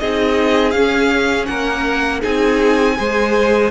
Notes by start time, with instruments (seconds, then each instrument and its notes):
0.00 cello C4, viola D#4, violin G#4 D#5
0.71 cello C#4, viola C#4, violin F5
1.46 cello A#3, violin A#4 F#5
2.21 cello C4, viola D#4, violin G#4 G#5
2.97 cello G#3, viola G#4, violin C5